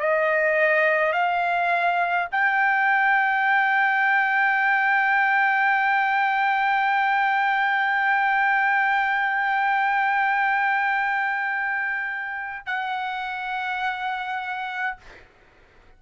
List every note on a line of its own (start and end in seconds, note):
0.00 1.13 D#5
1.13 2.28 F5
2.32 12.67 G5
12.67 14.97 F#5